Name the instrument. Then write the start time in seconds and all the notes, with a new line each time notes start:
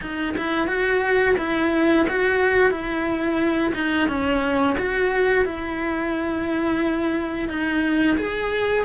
cello
0.01 D#4
0.37 E4
0.67 F#4
1.38 E4
2.09 F#4
2.70 E4
3.74 D#4
4.08 C#4
4.78 F#4
5.45 E4
7.48 D#4
8.17 G#4